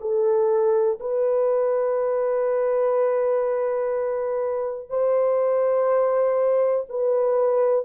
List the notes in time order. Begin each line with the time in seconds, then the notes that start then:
0.00 A4
1.00 B4
4.89 C5
6.89 B4